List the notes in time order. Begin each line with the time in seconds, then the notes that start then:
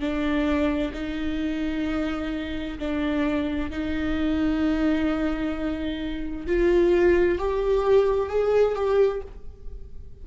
0.00 D4
0.94 D#4
2.79 D4
3.70 D#4
6.47 F4
7.38 G4
8.30 G#4
8.75 G4